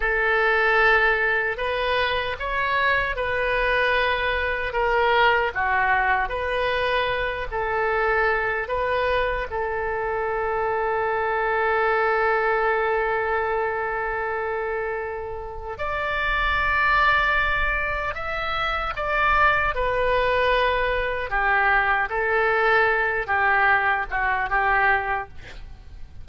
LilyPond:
\new Staff \with { instrumentName = "oboe" } { \time 4/4 \tempo 4 = 76 a'2 b'4 cis''4 | b'2 ais'4 fis'4 | b'4. a'4. b'4 | a'1~ |
a'1 | d''2. e''4 | d''4 b'2 g'4 | a'4. g'4 fis'8 g'4 | }